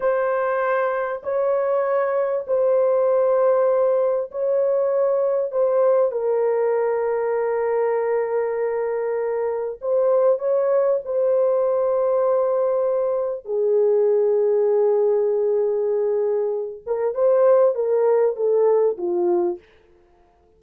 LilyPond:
\new Staff \with { instrumentName = "horn" } { \time 4/4 \tempo 4 = 98 c''2 cis''2 | c''2. cis''4~ | cis''4 c''4 ais'2~ | ais'1 |
c''4 cis''4 c''2~ | c''2 gis'2~ | gis'2.~ gis'8 ais'8 | c''4 ais'4 a'4 f'4 | }